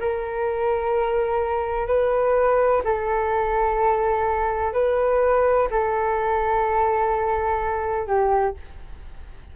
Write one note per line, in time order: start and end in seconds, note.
0.00 1.87 A#4
1.87 2.83 B4
2.85 4.74 A4
4.74 5.69 B4
5.71 8.07 A4
8.07 8.55 G4